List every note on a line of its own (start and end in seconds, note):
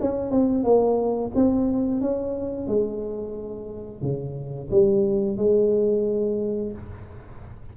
0.00 0.30 C#4
0.30 0.64 C4
0.64 1.31 A#3
1.35 2.00 C4
2.00 2.67 C#4
2.67 4.01 G#3
4.01 4.69 C#3
4.70 5.37 G3
5.37 6.72 G#3